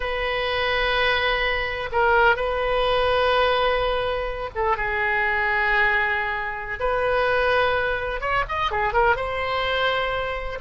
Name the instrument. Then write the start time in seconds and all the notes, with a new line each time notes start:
oboe
0.00 B4
1.92 A#4
2.35 B4
4.55 A4
4.76 G#4
6.79 B4
8.20 C#5
8.48 D#5
8.71 G#4
8.93 A#4
9.16 C5